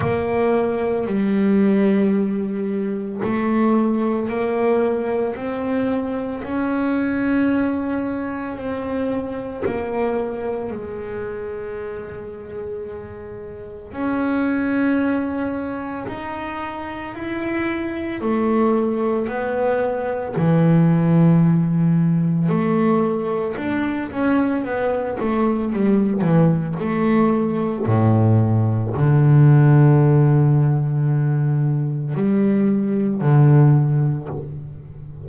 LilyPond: \new Staff \with { instrumentName = "double bass" } { \time 4/4 \tempo 4 = 56 ais4 g2 a4 | ais4 c'4 cis'2 | c'4 ais4 gis2~ | gis4 cis'2 dis'4 |
e'4 a4 b4 e4~ | e4 a4 d'8 cis'8 b8 a8 | g8 e8 a4 a,4 d4~ | d2 g4 d4 | }